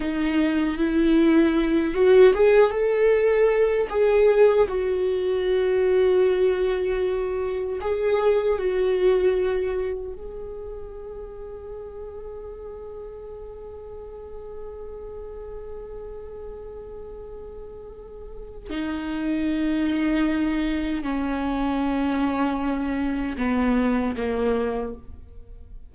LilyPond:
\new Staff \with { instrumentName = "viola" } { \time 4/4 \tempo 4 = 77 dis'4 e'4. fis'8 gis'8 a'8~ | a'4 gis'4 fis'2~ | fis'2 gis'4 fis'4~ | fis'4 gis'2.~ |
gis'1~ | gis'1 | dis'2. cis'4~ | cis'2 b4 ais4 | }